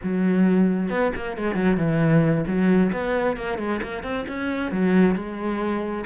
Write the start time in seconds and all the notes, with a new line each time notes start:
0.03 F#3
0.89 B3
1.15 A#3
1.37 G#3
1.55 F#3
1.77 E3
2.47 F#3
2.92 B3
3.36 A#3
3.58 G#3
3.82 A#3
4.03 C4
4.28 C#4
4.71 F#3
5.15 G#3